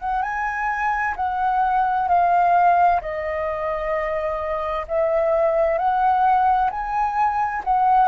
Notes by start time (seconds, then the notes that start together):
0.00 F#5
0.22 G#5
1.16 F#5
2.08 F5
3.01 D#5
4.88 E5
5.78 F#5
6.70 G#5
7.64 F#5